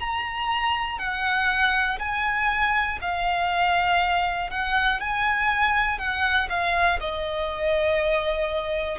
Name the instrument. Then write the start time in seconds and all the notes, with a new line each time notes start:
violin
0.00 A#5
0.99 F#5
1.99 G#5
3.02 F5
4.50 F#5
5.00 G#5
5.99 F#5
6.50 F5
7.00 D#5